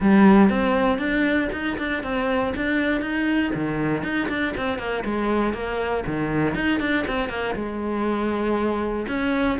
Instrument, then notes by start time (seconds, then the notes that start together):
cello
0.00 G3
0.49 C4
0.98 D4
1.52 D#4
1.78 D4
2.03 C4
2.56 D4
3.01 D#4
3.54 D#3
4.03 D#4
4.28 D4
4.56 C4
4.78 A#3
5.04 G#3
5.53 A#3
6.06 D#3
6.54 D#4
6.80 D4
7.07 C4
7.29 A#3
7.55 G#3
9.08 C#4